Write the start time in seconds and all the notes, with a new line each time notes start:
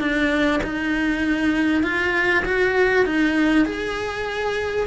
0.00 D4
0.63 D#4
1.83 F4
2.45 F#4
3.06 D#4
3.65 G#4